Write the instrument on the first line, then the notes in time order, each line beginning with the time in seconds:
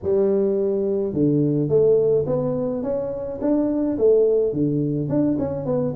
tuba
0.02 G3
1.13 D3
1.68 A3
2.26 B3
2.83 C#4
3.41 D4
3.98 A3
4.53 D3
5.08 D4
5.38 C#4
5.65 B3